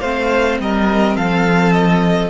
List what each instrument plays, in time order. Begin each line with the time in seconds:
0.00 cello A3, viola C4, violin C5 F5
0.59 cello G3, violin A#4 D#5
1.16 cello F3, violin A4 F5
1.72 violin D#5